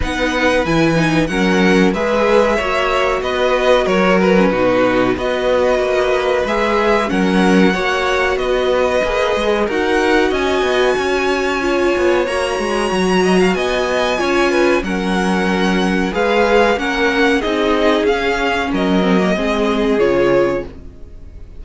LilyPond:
<<
  \new Staff \with { instrumentName = "violin" } { \time 4/4 \tempo 4 = 93 fis''4 gis''4 fis''4 e''4~ | e''4 dis''4 cis''8 b'4. | dis''2 e''4 fis''4~ | fis''4 dis''2 fis''4 |
gis''2. ais''4~ | ais''4 gis''2 fis''4~ | fis''4 f''4 fis''4 dis''4 | f''4 dis''2 cis''4 | }
  \new Staff \with { instrumentName = "violin" } { \time 4/4 b'2 ais'4 b'4 | cis''4 b'4 ais'4 fis'4 | b'2. ais'4 | cis''4 b'2 ais'4 |
dis''4 cis''2.~ | cis''8 dis''16 f''16 dis''4 cis''8 b'8 ais'4~ | ais'4 b'4 ais'4 gis'4~ | gis'4 ais'4 gis'2 | }
  \new Staff \with { instrumentName = "viola" } { \time 4/4 dis'4 e'8 dis'8 cis'4 gis'4 | fis'2~ fis'8. cis'16 dis'4 | fis'2 gis'4 cis'4 | fis'2 gis'4 fis'4~ |
fis'2 f'4 fis'4~ | fis'2 f'4 cis'4~ | cis'4 gis'4 cis'4 dis'4 | cis'4. c'16 ais16 c'4 f'4 | }
  \new Staff \with { instrumentName = "cello" } { \time 4/4 b4 e4 fis4 gis4 | ais4 b4 fis4 b,4 | b4 ais4 gis4 fis4 | ais4 b4 ais8 gis8 dis'4 |
cis'8 b8 cis'4. b8 ais8 gis8 | fis4 b4 cis'4 fis4~ | fis4 gis4 ais4 c'4 | cis'4 fis4 gis4 cis4 | }
>>